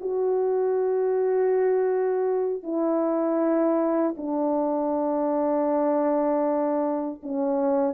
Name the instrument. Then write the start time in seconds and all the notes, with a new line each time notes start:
horn
0.00 F#4
2.63 E4
4.17 D4
7.23 C#4